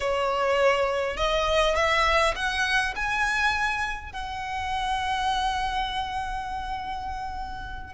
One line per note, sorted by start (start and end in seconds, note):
0.00 1.16 C#5
1.16 1.75 D#5
1.75 2.34 E5
2.35 2.94 F#5
2.95 4.12 G#5
4.12 7.93 F#5